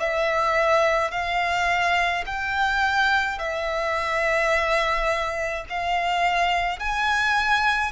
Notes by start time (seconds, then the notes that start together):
0.00 E5
1.11 F5
2.26 G5
3.39 E5
5.70 F5
6.79 G#5